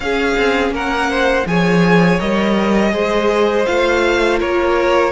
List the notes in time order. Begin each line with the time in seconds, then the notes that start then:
0.00 C#4 G#4 F5
0.36 C4
0.70 A#3 A#4 F#5
1.10 C5
1.45 F3 G#4 C#5 G#5
2.19 G3 A#4 D#5
2.90 G#3 G#4 C5
3.65 A3 F4 F5
4.39 A#3 A#4 C#5